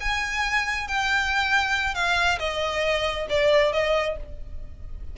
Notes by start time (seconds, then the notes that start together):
0.00 G#5
0.88 G5
1.94 F5
2.39 D#5
3.29 D5
3.72 D#5